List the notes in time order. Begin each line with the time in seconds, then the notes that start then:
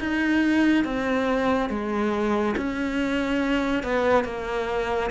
0.00 D#4
0.85 C4
1.70 G#3
2.57 C#4
3.84 B3
4.25 A#3